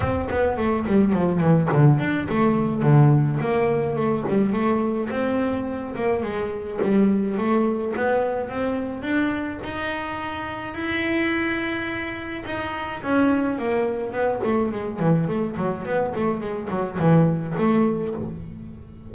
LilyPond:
\new Staff \with { instrumentName = "double bass" } { \time 4/4 \tempo 4 = 106 c'8 b8 a8 g8 f8 e8 d8 d'8 | a4 d4 ais4 a8 g8 | a4 c'4. ais8 gis4 | g4 a4 b4 c'4 |
d'4 dis'2 e'4~ | e'2 dis'4 cis'4 | ais4 b8 a8 gis8 e8 a8 fis8 | b8 a8 gis8 fis8 e4 a4 | }